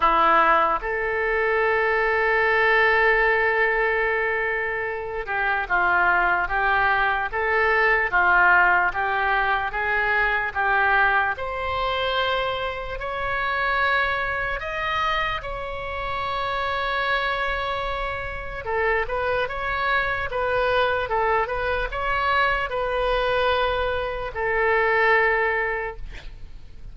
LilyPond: \new Staff \with { instrumentName = "oboe" } { \time 4/4 \tempo 4 = 74 e'4 a'2.~ | a'2~ a'8 g'8 f'4 | g'4 a'4 f'4 g'4 | gis'4 g'4 c''2 |
cis''2 dis''4 cis''4~ | cis''2. a'8 b'8 | cis''4 b'4 a'8 b'8 cis''4 | b'2 a'2 | }